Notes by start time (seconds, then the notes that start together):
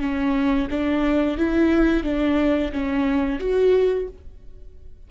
0.00 C#4
0.70 D4
1.38 E4
2.04 D4
2.72 C#4
3.40 F#4